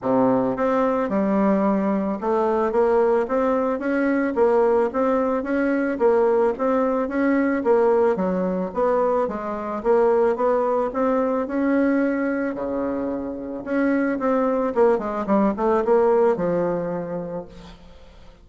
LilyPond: \new Staff \with { instrumentName = "bassoon" } { \time 4/4 \tempo 4 = 110 c4 c'4 g2 | a4 ais4 c'4 cis'4 | ais4 c'4 cis'4 ais4 | c'4 cis'4 ais4 fis4 |
b4 gis4 ais4 b4 | c'4 cis'2 cis4~ | cis4 cis'4 c'4 ais8 gis8 | g8 a8 ais4 f2 | }